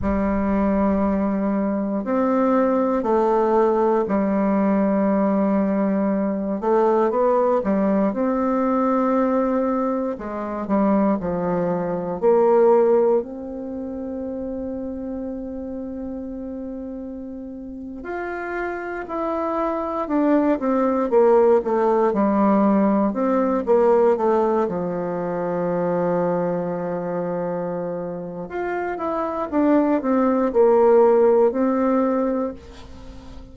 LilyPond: \new Staff \with { instrumentName = "bassoon" } { \time 4/4 \tempo 4 = 59 g2 c'4 a4 | g2~ g8 a8 b8 g8 | c'2 gis8 g8 f4 | ais4 c'2.~ |
c'4.~ c'16 f'4 e'4 d'16~ | d'16 c'8 ais8 a8 g4 c'8 ais8 a16~ | a16 f2.~ f8. | f'8 e'8 d'8 c'8 ais4 c'4 | }